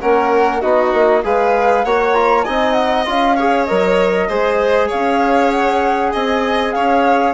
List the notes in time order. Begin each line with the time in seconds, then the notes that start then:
0.00 A#3 C#4 A#4 F#5
0.61 B3 D#4 F#4 D#5
0.93 A#3
1.23 G#3 G#4 B4 F5
1.84 A#3 F#4 C#5 F#5
2.14 F4 A#5
2.43 C4 D#4 D#5 G#5
2.73 F#5
3.05 C#4 F4 F5
3.35 G#4 C#5
3.64 F#3 A#4 D#5
4.28 G#3 G#4 C5
4.87 C#4 C#5 F5
5.51 F#5
6.12 C4 D#5 G#5
6.72 C#4 C#5 F5